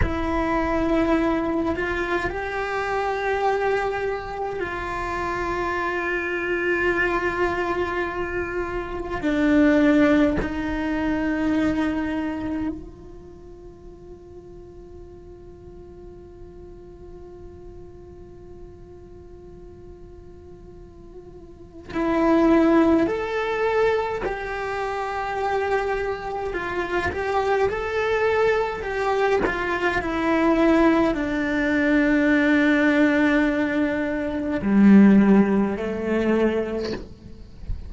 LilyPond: \new Staff \with { instrumentName = "cello" } { \time 4/4 \tempo 4 = 52 e'4. f'8 g'2 | f'1 | d'4 dis'2 f'4~ | f'1~ |
f'2. e'4 | a'4 g'2 f'8 g'8 | a'4 g'8 f'8 e'4 d'4~ | d'2 g4 a4 | }